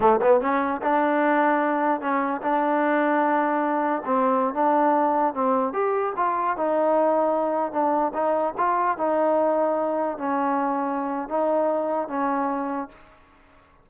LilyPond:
\new Staff \with { instrumentName = "trombone" } { \time 4/4 \tempo 4 = 149 a8 b8 cis'4 d'2~ | d'4 cis'4 d'2~ | d'2 c'4~ c'16 d'8.~ | d'4~ d'16 c'4 g'4 f'8.~ |
f'16 dis'2. d'8.~ | d'16 dis'4 f'4 dis'4.~ dis'16~ | dis'4~ dis'16 cis'2~ cis'8. | dis'2 cis'2 | }